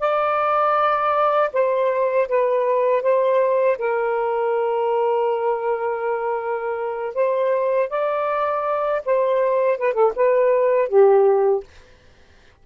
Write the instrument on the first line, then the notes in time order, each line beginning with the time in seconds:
saxophone
0.00 D5
1.53 C5
2.28 B4
3.02 C5
3.78 A#4
7.15 C5
7.90 D5
9.06 C5
9.78 B4
9.94 A4
10.16 B4
10.89 G4